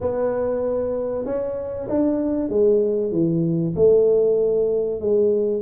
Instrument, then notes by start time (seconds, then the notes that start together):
tuba
0.00 B3
1.25 C#4
1.89 D4
2.49 G#3
3.11 E3
3.75 A3
5.00 G#3